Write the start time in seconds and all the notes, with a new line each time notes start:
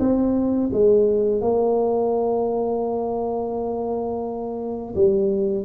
0.00 C4
0.73 G#3
1.41 A#3
4.96 G3